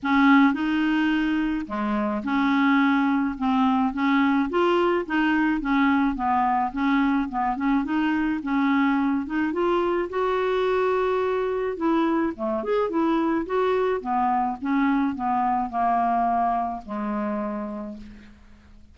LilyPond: \new Staff \with { instrumentName = "clarinet" } { \time 4/4 \tempo 4 = 107 cis'4 dis'2 gis4 | cis'2 c'4 cis'4 | f'4 dis'4 cis'4 b4 | cis'4 b8 cis'8 dis'4 cis'4~ |
cis'8 dis'8 f'4 fis'2~ | fis'4 e'4 a8 gis'8 e'4 | fis'4 b4 cis'4 b4 | ais2 gis2 | }